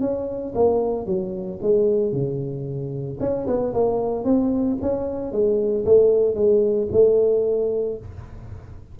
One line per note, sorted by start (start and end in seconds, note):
0.00 0.53 C#4
0.54 1.06 A#3
1.06 1.59 F#3
1.62 2.12 G#3
2.12 3.18 C#3
3.20 3.46 C#4
3.47 3.73 B3
3.73 4.24 A#3
4.24 4.77 C4
4.81 5.31 C#4
5.31 5.85 G#3
5.85 6.35 A3
6.35 6.88 G#3
6.91 7.98 A3